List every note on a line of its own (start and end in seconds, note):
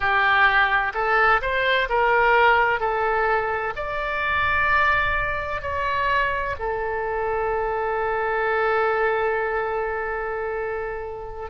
0.00 0.92 G4
0.94 1.41 A4
1.41 1.88 C5
1.89 2.80 A#4
2.80 3.73 A4
3.75 5.61 D5
5.61 6.55 C#5
6.59 11.50 A4